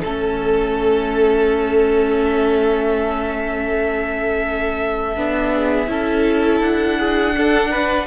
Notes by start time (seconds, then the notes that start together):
0.00 A3 C#4 A4
2.24 E5
5.16 B3 D4
5.53 G#4
5.86 C#4 E4 A4
6.60 D4 F#5
6.99 G#4
7.36 D4 A4
7.70 B4